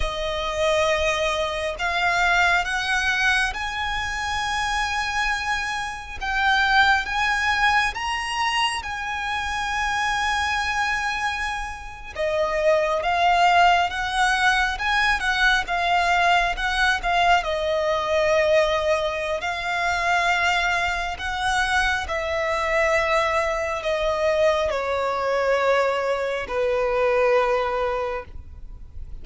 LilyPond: \new Staff \with { instrumentName = "violin" } { \time 4/4 \tempo 4 = 68 dis''2 f''4 fis''4 | gis''2. g''4 | gis''4 ais''4 gis''2~ | gis''4.~ gis''16 dis''4 f''4 fis''16~ |
fis''8. gis''8 fis''8 f''4 fis''8 f''8 dis''16~ | dis''2 f''2 | fis''4 e''2 dis''4 | cis''2 b'2 | }